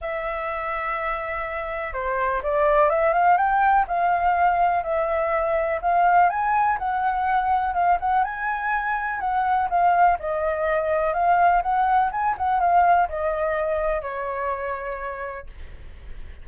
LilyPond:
\new Staff \with { instrumentName = "flute" } { \time 4/4 \tempo 4 = 124 e''1 | c''4 d''4 e''8 f''8 g''4 | f''2 e''2 | f''4 gis''4 fis''2 |
f''8 fis''8 gis''2 fis''4 | f''4 dis''2 f''4 | fis''4 gis''8 fis''8 f''4 dis''4~ | dis''4 cis''2. | }